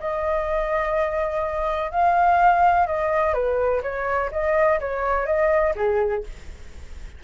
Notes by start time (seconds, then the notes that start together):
0.00 D#5
1.92 F5
2.87 D#5
3.34 B4
3.83 C#5
4.32 D#5
4.80 C#5
5.26 D#5
5.76 G#4